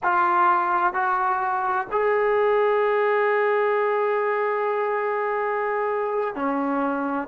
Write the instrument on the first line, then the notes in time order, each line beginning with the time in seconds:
trombone
0.03 F4
0.93 F#4
1.91 G#4
6.35 C#4